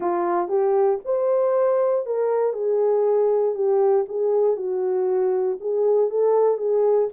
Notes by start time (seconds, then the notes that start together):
0.00 F4
0.48 G4
1.04 C5
2.05 A#4
2.53 G#4
3.54 G4
4.08 G#4
4.56 F#4
5.60 G#4
6.09 A4
6.57 G#4